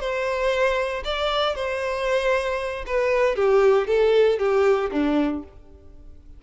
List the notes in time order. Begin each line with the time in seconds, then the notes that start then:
0.00 C5
1.04 D5
1.55 C5
2.86 B4
3.36 G4
3.87 A4
4.39 G4
4.92 D4